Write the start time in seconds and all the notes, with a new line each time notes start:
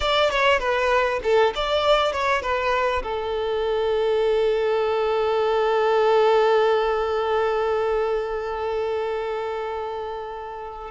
0.00 D5
0.30 C#5
0.59 B4
1.23 A4
1.55 D5
2.12 C#5
2.41 B4
3.02 A4